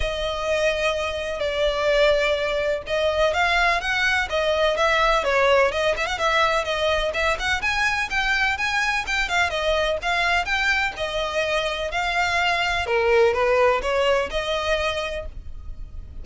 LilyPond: \new Staff \with { instrumentName = "violin" } { \time 4/4 \tempo 4 = 126 dis''2. d''4~ | d''2 dis''4 f''4 | fis''4 dis''4 e''4 cis''4 | dis''8 e''16 fis''16 e''4 dis''4 e''8 fis''8 |
gis''4 g''4 gis''4 g''8 f''8 | dis''4 f''4 g''4 dis''4~ | dis''4 f''2 ais'4 | b'4 cis''4 dis''2 | }